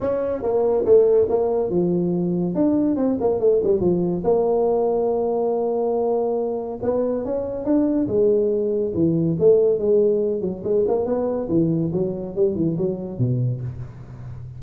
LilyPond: \new Staff \with { instrumentName = "tuba" } { \time 4/4 \tempo 4 = 141 cis'4 ais4 a4 ais4 | f2 d'4 c'8 ais8 | a8 g8 f4 ais2~ | ais1 |
b4 cis'4 d'4 gis4~ | gis4 e4 a4 gis4~ | gis8 fis8 gis8 ais8 b4 e4 | fis4 g8 e8 fis4 b,4 | }